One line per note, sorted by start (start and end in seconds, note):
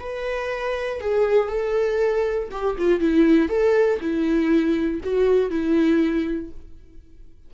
0.00 1.01 B4
1.01 1.49 G#4
1.49 2.49 A4
2.51 2.76 G4
2.78 3.01 F4
3.01 3.49 E4
3.49 4.00 A4
4.00 5.01 E4
5.04 5.50 F#4
5.50 6.51 E4